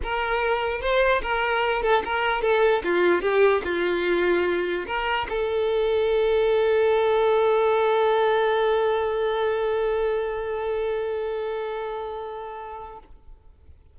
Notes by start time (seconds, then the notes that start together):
0.03 A#4
0.81 C5
1.22 A#4
1.82 A4
2.04 A#4
2.41 A4
2.83 F4
3.21 G4
3.64 F4
4.86 A#4
5.29 A4